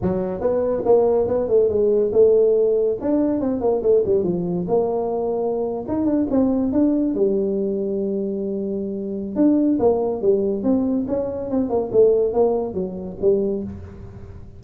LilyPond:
\new Staff \with { instrumentName = "tuba" } { \time 4/4 \tempo 4 = 141 fis4 b4 ais4 b8 a8 | gis4 a2 d'4 | c'8 ais8 a8 g8 f4 ais4~ | ais4.~ ais16 dis'8 d'8 c'4 d'16~ |
d'8. g2.~ g16~ | g2 d'4 ais4 | g4 c'4 cis'4 c'8 ais8 | a4 ais4 fis4 g4 | }